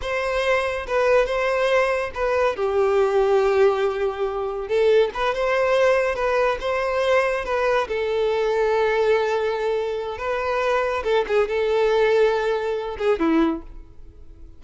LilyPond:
\new Staff \with { instrumentName = "violin" } { \time 4/4 \tempo 4 = 141 c''2 b'4 c''4~ | c''4 b'4 g'2~ | g'2. a'4 | b'8 c''2 b'4 c''8~ |
c''4. b'4 a'4.~ | a'1 | b'2 a'8 gis'8 a'4~ | a'2~ a'8 gis'8 e'4 | }